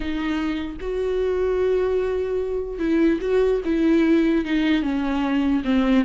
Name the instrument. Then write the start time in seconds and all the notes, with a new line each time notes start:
viola
0.00 D#4
0.80 F#4
2.79 E4
3.20 F#4
3.64 E4
4.44 D#4
4.82 C#4
5.64 C4